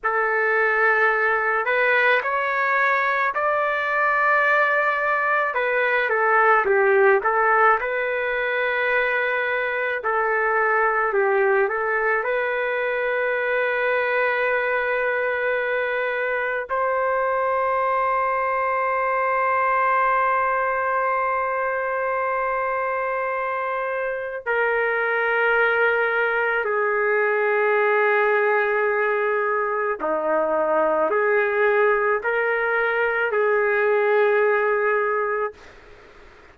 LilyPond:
\new Staff \with { instrumentName = "trumpet" } { \time 4/4 \tempo 4 = 54 a'4. b'8 cis''4 d''4~ | d''4 b'8 a'8 g'8 a'8 b'4~ | b'4 a'4 g'8 a'8 b'4~ | b'2. c''4~ |
c''1~ | c''2 ais'2 | gis'2. dis'4 | gis'4 ais'4 gis'2 | }